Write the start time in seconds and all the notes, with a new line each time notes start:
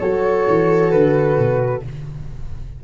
0.00 F#3 F#4 A4 C#5
0.48 E3
0.91 D3 B4
1.39 B2